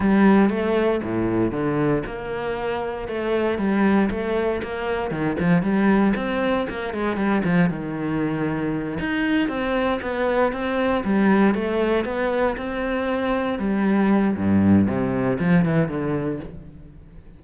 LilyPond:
\new Staff \with { instrumentName = "cello" } { \time 4/4 \tempo 4 = 117 g4 a4 a,4 d4 | ais2 a4 g4 | a4 ais4 dis8 f8 g4 | c'4 ais8 gis8 g8 f8 dis4~ |
dis4. dis'4 c'4 b8~ | b8 c'4 g4 a4 b8~ | b8 c'2 g4. | g,4 c4 f8 e8 d4 | }